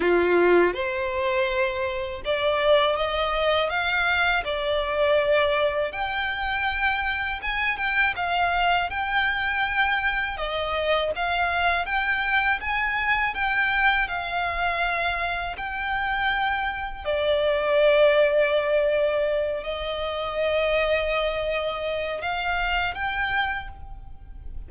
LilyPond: \new Staff \with { instrumentName = "violin" } { \time 4/4 \tempo 4 = 81 f'4 c''2 d''4 | dis''4 f''4 d''2 | g''2 gis''8 g''8 f''4 | g''2 dis''4 f''4 |
g''4 gis''4 g''4 f''4~ | f''4 g''2 d''4~ | d''2~ d''8 dis''4.~ | dis''2 f''4 g''4 | }